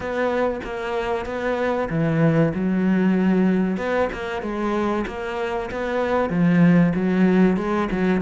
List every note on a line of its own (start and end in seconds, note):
0.00 0.60 B3
0.64 1.25 A#3
1.25 1.88 B3
1.89 2.52 E3
2.54 3.77 F#3
3.77 4.09 B3
4.12 4.42 A#3
4.42 5.05 G#3
5.07 5.70 A#3
5.70 6.29 B3
6.29 6.92 F3
6.95 7.56 F#3
7.56 7.88 G#3
7.91 8.21 F#3